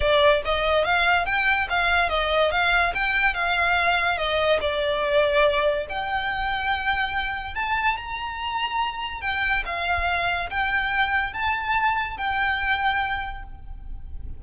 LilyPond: \new Staff \with { instrumentName = "violin" } { \time 4/4 \tempo 4 = 143 d''4 dis''4 f''4 g''4 | f''4 dis''4 f''4 g''4 | f''2 dis''4 d''4~ | d''2 g''2~ |
g''2 a''4 ais''4~ | ais''2 g''4 f''4~ | f''4 g''2 a''4~ | a''4 g''2. | }